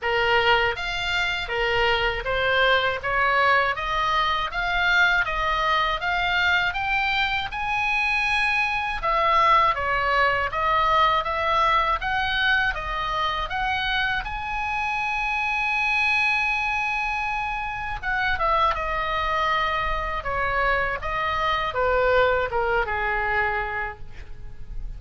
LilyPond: \new Staff \with { instrumentName = "oboe" } { \time 4/4 \tempo 4 = 80 ais'4 f''4 ais'4 c''4 | cis''4 dis''4 f''4 dis''4 | f''4 g''4 gis''2 | e''4 cis''4 dis''4 e''4 |
fis''4 dis''4 fis''4 gis''4~ | gis''1 | fis''8 e''8 dis''2 cis''4 | dis''4 b'4 ais'8 gis'4. | }